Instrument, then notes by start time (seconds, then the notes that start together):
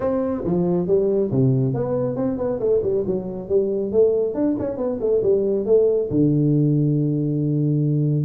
tuba
0.00 C4
0.44 F3
0.87 G3
1.31 C3
1.74 B3
2.16 C4
2.37 B3
2.59 A3
2.82 G3
3.06 F#3
3.48 G3
3.92 A3
4.34 D4
4.59 C#4
4.77 B3
5.00 A3
5.22 G3
5.65 A3
6.10 D3